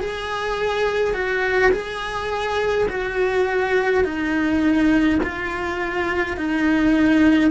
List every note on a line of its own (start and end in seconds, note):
0.00 1.14 G#4
1.14 1.72 F#4
1.72 2.87 G#4
2.88 4.04 F#4
4.04 5.19 D#4
5.23 6.37 F4
6.37 7.51 D#4